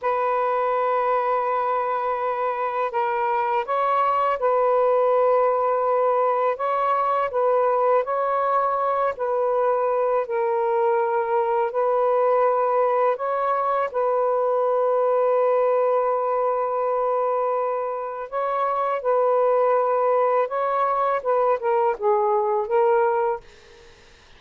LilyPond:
\new Staff \with { instrumentName = "saxophone" } { \time 4/4 \tempo 4 = 82 b'1 | ais'4 cis''4 b'2~ | b'4 cis''4 b'4 cis''4~ | cis''8 b'4. ais'2 |
b'2 cis''4 b'4~ | b'1~ | b'4 cis''4 b'2 | cis''4 b'8 ais'8 gis'4 ais'4 | }